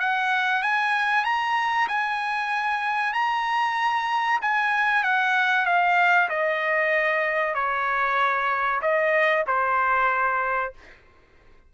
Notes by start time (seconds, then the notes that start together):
0.00 F#5
0.63 G#5
1.25 A#5
1.89 G#5
3.14 A#5
4.42 G#5
5.04 F#5
5.66 F5
6.30 D#5
7.55 C#5
8.82 D#5
9.47 C5